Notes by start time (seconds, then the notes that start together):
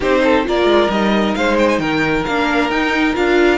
0.00 C4 D#4 G4 C5
0.23 A4
0.44 A#3 F4 A#4 D5
0.65 G#3
0.89 G3 D#4 D#5
1.34 G#3 C5 F5
1.58 G5
1.68 G#5
1.78 D#3 A#4 G5
2.25 A#3 D4 F5
2.69 D#4 G5
3.13 D4 F4 F5